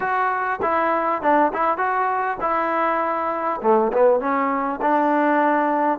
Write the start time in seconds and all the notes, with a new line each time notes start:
0.00 F#4
0.61 E4
1.22 D4
1.53 E4
1.77 F#4
2.40 E4
3.62 A3
3.92 B3
4.19 C#4
4.81 D4